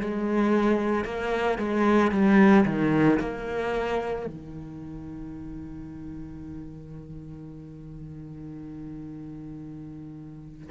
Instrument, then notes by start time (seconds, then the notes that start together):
cello
0.00 G#3
1.05 A#3
1.58 G#3
2.11 G3
2.65 D#3
3.19 A#3
4.27 D#3